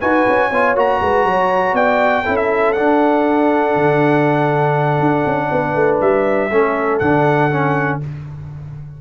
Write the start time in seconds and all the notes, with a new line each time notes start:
0.00 D#4 F#4 B4 G#5
0.28 C#4
0.49 B3 F4 C#5
0.75 A#3 F#4 A#5
1.01 G#3 B4
1.25 F#3 C#5
1.73 B3 D5 G5
2.23 C#4 E4 A4
2.36 E5
2.72 D4 F#5
3.75 D3
5.00 D4
5.26 C#4
5.51 B3 B4
5.75 A3
6.01 G3 E5
6.51 A3 C#4 A4
6.99 D3 D4 F#5
7.51 C#4